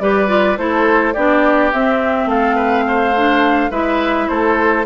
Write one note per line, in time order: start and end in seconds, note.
0.00 0.57 G3
0.00 0.28 G4
0.00 0.59 B4
0.00 0.57 D5
0.28 0.56 F4
0.57 1.15 A3
0.57 1.15 E4
0.57 1.14 A4
0.57 1.14 C5
1.14 1.73 B3
1.14 1.74 D4
1.14 2.28 G4
1.14 1.71 D5
1.72 2.26 C4
1.72 3.16 C4
1.72 2.29 E5
2.26 3.69 A3
2.26 2.55 A4
2.26 3.72 F5
2.55 2.84 B4
2.88 3.71 C5
3.16 3.71 D4
3.71 4.28 G#3
3.71 4.85 E4
3.71 4.28 B4
3.71 4.28 E5
4.28 4.86 A3
4.28 4.86 A4
4.28 4.85 C5